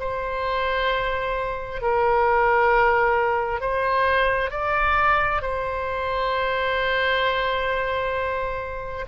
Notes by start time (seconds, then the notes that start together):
0.00 C5
1.82 A#4
3.61 C5
4.51 D5
5.42 C5